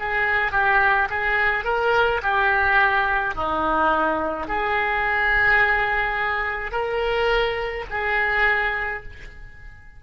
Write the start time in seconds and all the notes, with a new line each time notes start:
0.00 G#4
0.52 G4
1.10 G#4
1.65 A#4
2.23 G4
3.36 D#4
4.48 G#4
6.72 A#4
7.91 G#4